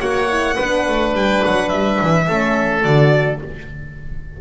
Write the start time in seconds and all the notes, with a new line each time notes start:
0.00 A#3 F#4 C#5 F#5
0.29 E4
0.56 B3 D4 B4
0.88 A3
1.14 G3 G5
1.46 F#3 F#5
1.69 G3 E5
2.02 E3
2.28 A3 C#4 A4
2.83 D3 F#4 D5